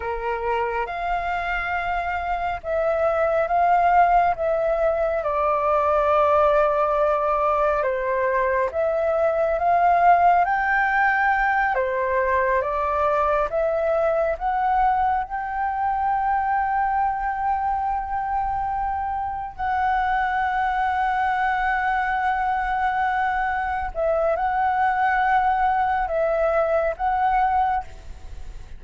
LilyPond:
\new Staff \with { instrumentName = "flute" } { \time 4/4 \tempo 4 = 69 ais'4 f''2 e''4 | f''4 e''4 d''2~ | d''4 c''4 e''4 f''4 | g''4. c''4 d''4 e''8~ |
e''8 fis''4 g''2~ g''8~ | g''2~ g''8 fis''4.~ | fis''2.~ fis''8 e''8 | fis''2 e''4 fis''4 | }